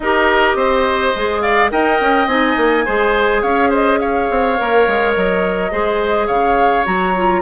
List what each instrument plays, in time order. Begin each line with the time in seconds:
0.00 bassoon D#4, clarinet G4, oboe A#4, flute D#5
0.55 bassoon C4, oboe C5
1.15 bassoon G#3, clarinet G#4
1.40 oboe D5, flute F5
1.70 bassoon D#4, clarinet A#4, oboe D#5, flute G5
2.00 bassoon C#4
2.26 bassoon C4, clarinet D#4, flute G#5
2.57 bassoon A#3
2.85 bassoon G#3, clarinet G#4, oboe C5
3.42 bassoon C#4, oboe C#5, flute F5
3.69 oboe C5, flute D#5
3.99 oboe C#5, flute F5
4.30 bassoon C4
4.57 bassoon A#3, clarinet A#4
4.87 bassoon G#3
5.14 bassoon F#3, flute D#5
5.71 bassoon G#3, clarinet G#4, oboe C5
6.26 bassoon C#3, oboe C#5, flute F5
6.85 bassoon F#3, clarinet F#4, flute A#5
7.16 clarinet F4